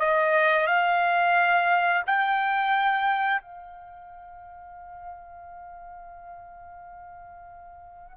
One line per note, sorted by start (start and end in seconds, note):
0.00 0.67 D#5
0.67 2.03 F5
2.07 3.42 G5
3.42 8.17 F5